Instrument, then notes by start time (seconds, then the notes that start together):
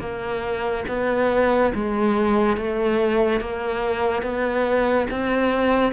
cello
0.00 A#3
0.88 B3
1.74 G#3
2.57 A3
3.40 A#3
4.23 B3
5.10 C4